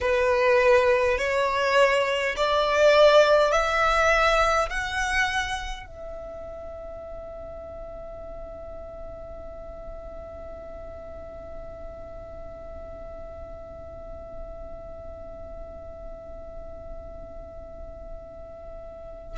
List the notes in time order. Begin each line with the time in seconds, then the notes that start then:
0.00 B4
1.18 C#5
2.36 D5
3.51 E5
4.70 F#5
5.86 E5